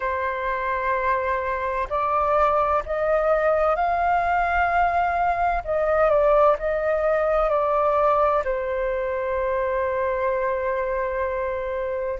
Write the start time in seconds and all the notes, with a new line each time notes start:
0.00 C5
1.89 D5
2.86 D#5
3.75 F5
5.64 D#5
6.09 D5
6.58 D#5
7.49 D5
8.44 C5